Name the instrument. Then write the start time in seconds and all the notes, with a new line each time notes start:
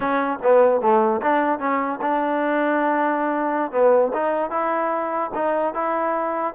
trombone
0.00 C#4
0.42 B3
0.81 A3
1.22 D4
1.59 C#4
2.01 D4
3.71 B3
4.13 D#4
4.50 E4
5.34 D#4
5.74 E4